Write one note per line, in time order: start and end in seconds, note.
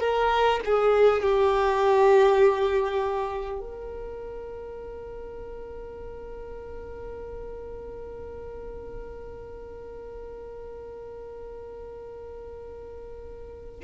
0.00 0.60 A#4
0.64 1.22 G#4
1.22 3.60 G4
3.60 13.80 A#4